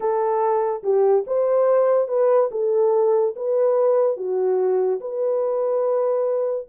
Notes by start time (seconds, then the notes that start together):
0.00 A4
0.83 G4
1.26 C5
2.08 B4
2.51 A4
3.35 B4
4.16 F#4
5.00 B4